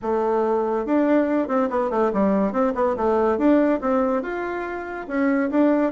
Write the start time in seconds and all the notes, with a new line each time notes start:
0.01 A3
0.85 D4
1.48 C4
1.70 B3
1.90 A3
2.13 G3
2.52 C4
2.74 B3
2.96 A3
3.37 D4
3.80 C4
4.22 F4
5.07 C#4
5.50 D4